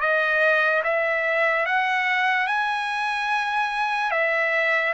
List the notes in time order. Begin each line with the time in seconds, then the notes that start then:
0.00 D#5
0.83 E5
1.65 F#5
2.47 G#5
4.11 E5